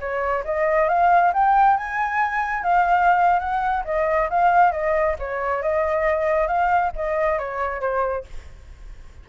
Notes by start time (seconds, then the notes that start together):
0.00 C#5
0.45 D#5
0.89 F5
1.34 G5
1.77 G#5
2.63 F5
3.39 F#5
3.85 D#5
4.30 F5
4.72 D#5
5.19 C#5
5.62 D#5
6.48 F5
6.96 D#5
7.39 C#5
7.80 C5